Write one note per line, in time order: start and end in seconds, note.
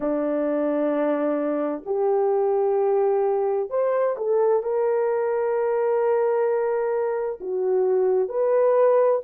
0.00 1.83 D4
1.85 3.69 G4
3.69 4.15 C5
4.17 4.62 A4
4.62 7.39 A#4
7.40 8.28 F#4
8.28 9.21 B4